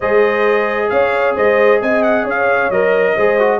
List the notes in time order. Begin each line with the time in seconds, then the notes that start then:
0.00 G#3 G#4 C5 D#5
0.89 C#4 C#5 F5
1.35 G#3 C5 D#5
1.81 C4 D#5 G#5
2.03 F#5
2.23 C#4 C#5 F5
2.70 F#3 A#4 D#5
3.14 G#3 G#4 C5
3.39 F#4